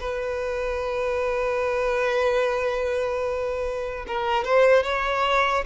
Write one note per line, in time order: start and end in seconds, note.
0.00 4.05 B4
4.07 4.44 A#4
4.44 4.83 C5
4.83 5.64 C#5